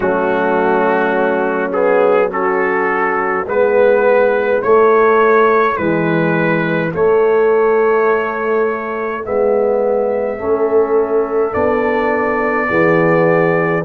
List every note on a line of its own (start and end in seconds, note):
0.00 3.45 F#3
0.00 1.72 A3
0.00 2.28 C#4
0.00 1.71 F#4
1.72 2.30 B3
1.72 2.30 G#4
2.30 3.45 C#4
2.30 3.46 F#4
2.30 3.47 A4
3.45 4.61 G#3
3.45 4.62 B3
3.45 10.38 E4
3.45 4.62 B4
4.62 5.76 A3
4.62 5.78 A3
4.62 5.76 C#5
5.76 6.93 E3
5.76 6.91 G#3
5.76 6.92 B4
6.92 9.23 A3
6.92 9.25 A3
6.92 9.25 C#5
9.23 10.38 G#3
9.23 10.38 B3
9.23 11.53 E5
10.38 11.54 A3
10.38 11.52 C#4
10.38 12.69 A4
11.52 12.69 B3
11.52 12.67 D4
11.52 13.84 D5
12.69 13.84 E3
12.69 13.84 B3
12.69 13.84 G#4